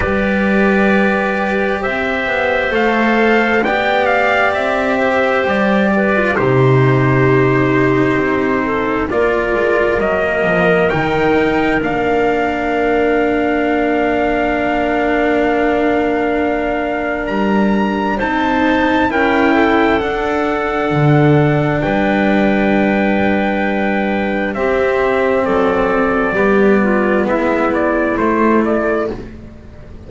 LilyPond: <<
  \new Staff \with { instrumentName = "trumpet" } { \time 4/4 \tempo 4 = 66 d''2 e''4 f''4 | g''8 f''8 e''4 d''4 c''4~ | c''2 d''4 dis''4 | g''4 f''2.~ |
f''2. ais''4 | a''4 g''4 fis''2 | g''2. e''4 | d''2 e''8 d''8 c''8 d''8 | }
  \new Staff \with { instrumentName = "clarinet" } { \time 4/4 b'2 c''2 | d''4. c''4 b'8 g'4~ | g'4. a'8 ais'2~ | ais'1~ |
ais'1 | c''4 ais'8 a'2~ a'8 | b'2. g'4 | a'4 g'8 f'8 e'2 | }
  \new Staff \with { instrumentName = "cello" } { \time 4/4 g'2. a'4 | g'2~ g'8. f'16 dis'4~ | dis'2 f'4 ais4 | dis'4 d'2.~ |
d'1 | dis'4 e'4 d'2~ | d'2. c'4~ | c'4 b2 a4 | }
  \new Staff \with { instrumentName = "double bass" } { \time 4/4 g2 c'8 b8 a4 | b4 c'4 g4 c4~ | c4 c'4 ais8 gis8 fis8 f8 | dis4 ais2.~ |
ais2. g4 | c'4 cis'4 d'4 d4 | g2. c'4 | fis4 g4 gis4 a4 | }
>>